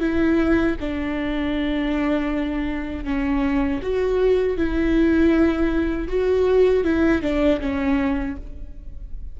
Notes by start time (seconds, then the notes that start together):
0.00 E4
0.80 D4
3.04 C#4
3.83 F#4
4.57 E4
6.08 F#4
6.84 E4
7.22 D4
7.61 C#4